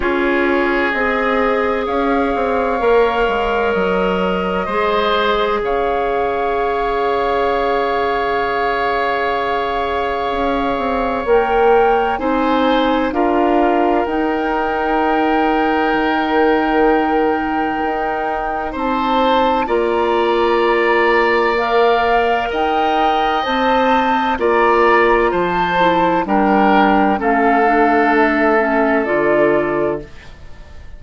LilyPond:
<<
  \new Staff \with { instrumentName = "flute" } { \time 4/4 \tempo 4 = 64 cis''4 dis''4 f''2 | dis''2 f''2~ | f''1 | g''4 gis''4 f''4 g''4~ |
g''1 | a''4 ais''2 f''4 | g''4 a''4 ais''4 a''4 | g''4 f''4 e''4 d''4 | }
  \new Staff \with { instrumentName = "oboe" } { \time 4/4 gis'2 cis''2~ | cis''4 c''4 cis''2~ | cis''1~ | cis''4 c''4 ais'2~ |
ais'1 | c''4 d''2. | dis''2 d''4 c''4 | ais'4 a'2. | }
  \new Staff \with { instrumentName = "clarinet" } { \time 4/4 f'4 gis'2 ais'4~ | ais'4 gis'2.~ | gis'1 | ais'4 dis'4 f'4 dis'4~ |
dis'1~ | dis'4 f'2 ais'4~ | ais'4 c''4 f'4. e'8 | d'4 cis'8 d'4 cis'8 f'4 | }
  \new Staff \with { instrumentName = "bassoon" } { \time 4/4 cis'4 c'4 cis'8 c'8 ais8 gis8 | fis4 gis4 cis2~ | cis2. cis'8 c'8 | ais4 c'4 d'4 dis'4~ |
dis'4 dis2 dis'4 | c'4 ais2. | dis'4 c'4 ais4 f4 | g4 a2 d4 | }
>>